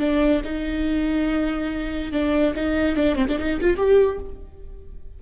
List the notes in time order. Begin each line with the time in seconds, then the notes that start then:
0.00 D4
0.45 D#4
2.12 D4
2.56 D#4
2.96 D4
3.16 C4
3.28 D4
3.39 D#4
3.61 F4
3.77 G4